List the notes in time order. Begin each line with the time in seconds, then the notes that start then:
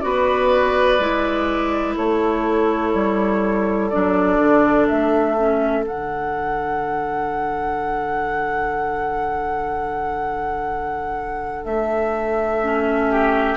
0.00 B3 F#4 B4 D5
0.99 G#3 E4
1.96 A3 A4 C#5
2.94 G3
3.89 F#3 D4 D5
4.39 D3
4.87 A3 E5
5.38 C#4
5.84 D3 D4 F#5
11.65 A3 E5
12.62 C#4
13.10 G4